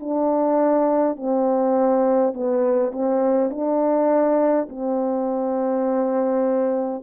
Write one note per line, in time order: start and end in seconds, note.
0.00 1.17 D4
1.17 2.34 C4
2.34 2.93 B3
2.93 3.51 C4
3.51 4.68 D4
4.69 7.03 C4